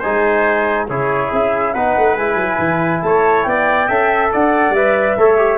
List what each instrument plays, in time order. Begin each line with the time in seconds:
0.00 tuba G#3, trombone D#4, trumpet C5, flute G#5
0.89 tuba C#3, trombone E4, trumpet G#4, flute C#5
1.32 tuba C#4, flute E5
1.73 tuba B3, trombone D#4, trumpet B4, flute F#5
1.97 tuba A3
2.16 tuba G#3, trombone E4, flute G#5
2.35 tuba F#3
2.59 tuba E3
3.02 tuba A3, trumpet C#5, flute A5
3.44 tuba B3, trumpet D5, flute G5
3.88 tuba C#4, trombone A4, trumpet E5
4.32 tuba D4, trumpet D5, flute F#5
4.70 tuba G3, trombone B4, flute E5
5.17 tuba A3, trombone A4, trumpet C#5
5.38 trombone G4